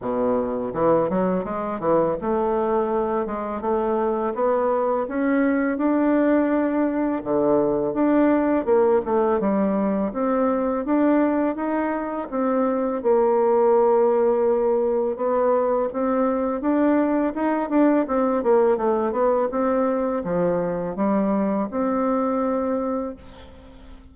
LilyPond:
\new Staff \with { instrumentName = "bassoon" } { \time 4/4 \tempo 4 = 83 b,4 e8 fis8 gis8 e8 a4~ | a8 gis8 a4 b4 cis'4 | d'2 d4 d'4 | ais8 a8 g4 c'4 d'4 |
dis'4 c'4 ais2~ | ais4 b4 c'4 d'4 | dis'8 d'8 c'8 ais8 a8 b8 c'4 | f4 g4 c'2 | }